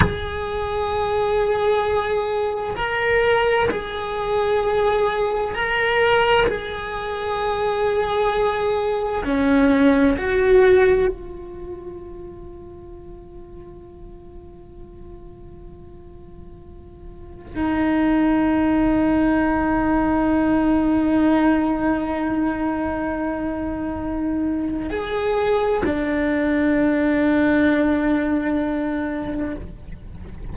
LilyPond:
\new Staff \with { instrumentName = "cello" } { \time 4/4 \tempo 4 = 65 gis'2. ais'4 | gis'2 ais'4 gis'4~ | gis'2 cis'4 fis'4 | f'1~ |
f'2. dis'4~ | dis'1~ | dis'2. gis'4 | d'1 | }